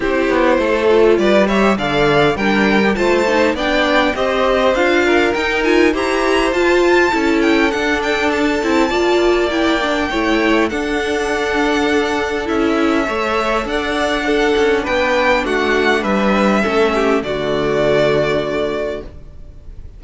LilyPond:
<<
  \new Staff \with { instrumentName = "violin" } { \time 4/4 \tempo 4 = 101 c''2 d''8 e''8 f''4 | g''4 a''4 g''4 dis''4 | f''4 g''8 gis''8 ais''4 a''4~ | a''8 g''8 fis''8 g''8 a''2 |
g''2 fis''2~ | fis''4 e''2 fis''4~ | fis''4 g''4 fis''4 e''4~ | e''4 d''2. | }
  \new Staff \with { instrumentName = "violin" } { \time 4/4 g'4 a'4 b'8 cis''8 d''4 | ais'4 c''4 d''4 c''4~ | c''8 ais'4. c''2 | a'2. d''4~ |
d''4 cis''4 a'2~ | a'2 cis''4 d''4 | a'4 b'4 fis'4 b'4 | a'8 g'8 fis'2. | }
  \new Staff \with { instrumentName = "viola" } { \time 4/4 e'4. f'4 g'8 a'4 | d'8. g'16 f'8 dis'8 d'4 g'4 | f'4 dis'8 f'8 g'4 f'4 | e'4 d'4. e'8 f'4 |
e'8 d'8 e'4 d'2~ | d'4 e'4 a'2 | d'1 | cis'4 a2. | }
  \new Staff \with { instrumentName = "cello" } { \time 4/4 c'8 b8 a4 g4 d4 | g4 a4 b4 c'4 | d'4 dis'4 e'4 f'4 | cis'4 d'4. c'8 ais4~ |
ais4 a4 d'2~ | d'4 cis'4 a4 d'4~ | d'8 cis'8 b4 a4 g4 | a4 d2. | }
>>